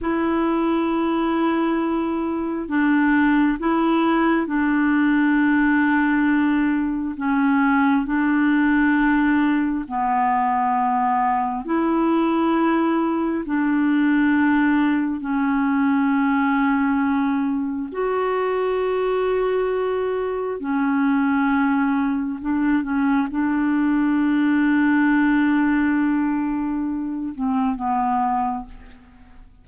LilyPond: \new Staff \with { instrumentName = "clarinet" } { \time 4/4 \tempo 4 = 67 e'2. d'4 | e'4 d'2. | cis'4 d'2 b4~ | b4 e'2 d'4~ |
d'4 cis'2. | fis'2. cis'4~ | cis'4 d'8 cis'8 d'2~ | d'2~ d'8 c'8 b4 | }